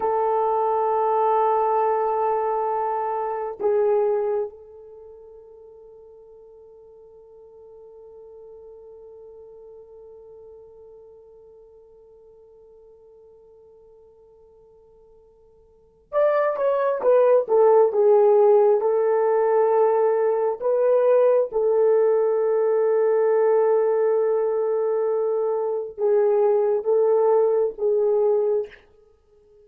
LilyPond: \new Staff \with { instrumentName = "horn" } { \time 4/4 \tempo 4 = 67 a'1 | gis'4 a'2.~ | a'1~ | a'1~ |
a'2 d''8 cis''8 b'8 a'8 | gis'4 a'2 b'4 | a'1~ | a'4 gis'4 a'4 gis'4 | }